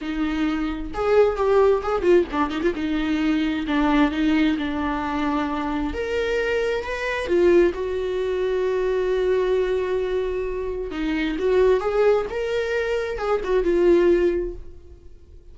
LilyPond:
\new Staff \with { instrumentName = "viola" } { \time 4/4 \tempo 4 = 132 dis'2 gis'4 g'4 | gis'8 f'8 d'8 dis'16 f'16 dis'2 | d'4 dis'4 d'2~ | d'4 ais'2 b'4 |
f'4 fis'2.~ | fis'1 | dis'4 fis'4 gis'4 ais'4~ | ais'4 gis'8 fis'8 f'2 | }